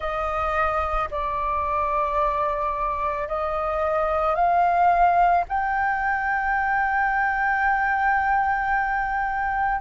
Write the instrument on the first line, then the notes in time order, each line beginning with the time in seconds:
flute
0.00 D#5
1.10 D5
3.27 D#5
4.35 F5
5.48 G5